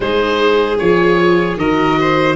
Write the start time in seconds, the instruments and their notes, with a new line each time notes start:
0.00 tuba G#3, viola D#4, violin G#4, oboe C5
0.78 tuba F3, viola F4, oboe C#5
1.57 tuba D#3, viola F#4, violin A#4, oboe D#5
1.99 violin C5